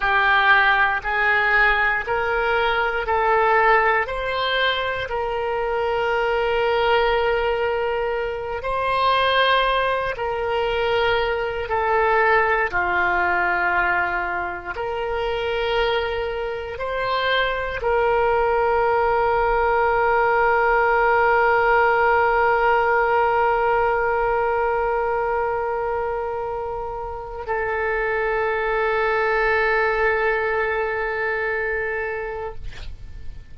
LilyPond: \new Staff \with { instrumentName = "oboe" } { \time 4/4 \tempo 4 = 59 g'4 gis'4 ais'4 a'4 | c''4 ais'2.~ | ais'8 c''4. ais'4. a'8~ | a'8 f'2 ais'4.~ |
ais'8 c''4 ais'2~ ais'8~ | ais'1~ | ais'2. a'4~ | a'1 | }